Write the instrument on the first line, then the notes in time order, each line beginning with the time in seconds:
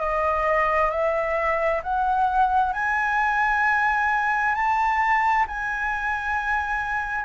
flute
0.00 D#5
0.90 E5
1.83 F#5
2.73 G#5
4.55 A5
5.48 G#5